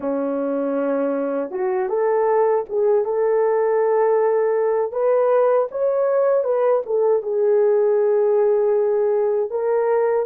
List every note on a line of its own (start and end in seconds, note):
0.00 1.51 C#4
1.51 1.88 F#4
1.88 2.64 A4
2.69 3.04 G#4
3.04 4.92 A4
4.92 5.68 B4
5.71 6.43 C#5
6.43 6.81 B4
6.86 7.22 A4
7.22 9.50 G#4
9.50 10.26 A#4